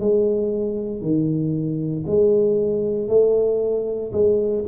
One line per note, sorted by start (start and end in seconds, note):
0.00 1.02 G#3
1.02 2.05 D#3
2.07 3.09 G#3
3.09 4.12 A3
4.13 4.65 G#3